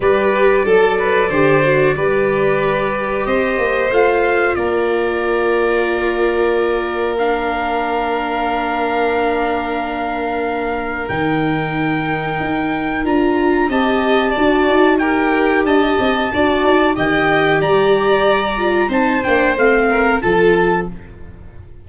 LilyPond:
<<
  \new Staff \with { instrumentName = "trumpet" } { \time 4/4 \tempo 4 = 92 d''1~ | d''4 dis''4 f''4 d''4~ | d''2. f''4~ | f''1~ |
f''4 g''2. | ais''4 a''2 g''4 | a''2 g''4 ais''4~ | ais''4 a''8 g''8 f''4 a''4 | }
  \new Staff \with { instrumentName = "violin" } { \time 4/4 b'4 a'8 b'8 c''4 b'4~ | b'4 c''2 ais'4~ | ais'1~ | ais'1~ |
ais'1~ | ais'4 dis''4 d''4 ais'4 | dis''4 d''4 dis''4 d''4~ | d''4 c''4. ais'8 a'4 | }
  \new Staff \with { instrumentName = "viola" } { \time 4/4 g'4 a'4 g'8 fis'8 g'4~ | g'2 f'2~ | f'2. d'4~ | d'1~ |
d'4 dis'2. | f'4 g'4 fis'4 g'4~ | g'4 fis'4 g'2~ | g'8 f'8 dis'8 d'8 c'4 f'4 | }
  \new Staff \with { instrumentName = "tuba" } { \time 4/4 g4 fis4 d4 g4~ | g4 c'8 ais8 a4 ais4~ | ais1~ | ais1~ |
ais4 dis2 dis'4 | d'4 c'4 d'8 dis'4. | d'8 c'8 d'8 dis'8 dis4 g4~ | g4 c'8 ais8 a4 f4 | }
>>